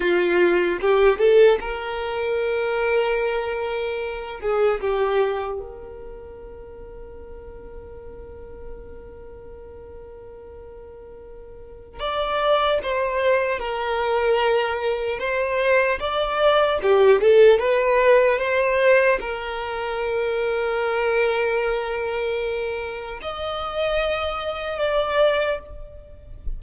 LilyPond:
\new Staff \with { instrumentName = "violin" } { \time 4/4 \tempo 4 = 75 f'4 g'8 a'8 ais'2~ | ais'4. gis'8 g'4 ais'4~ | ais'1~ | ais'2. d''4 |
c''4 ais'2 c''4 | d''4 g'8 a'8 b'4 c''4 | ais'1~ | ais'4 dis''2 d''4 | }